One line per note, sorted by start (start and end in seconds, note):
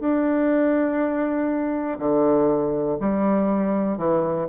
0.00 1.99 D4
1.99 2.98 D3
3.00 3.97 G3
3.97 4.47 E3